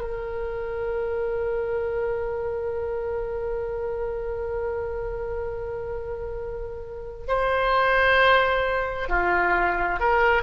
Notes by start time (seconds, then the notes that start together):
0.00 A#4
7.28 C5
9.09 F4
9.99 A#4